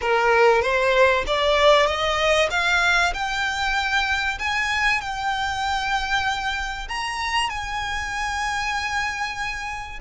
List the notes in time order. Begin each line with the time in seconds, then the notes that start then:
0.01 A#4
0.61 C5
1.26 D5
1.86 D#5
2.50 F5
3.13 G5
4.38 G#5
5.00 G5
6.88 A#5
7.49 G#5